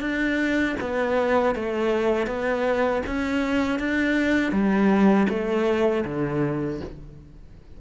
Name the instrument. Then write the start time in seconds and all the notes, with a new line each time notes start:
cello
0.00 D4
0.80 B3
1.55 A3
2.26 B3
3.06 C#4
3.79 D4
4.52 G3
5.29 A3
6.05 D3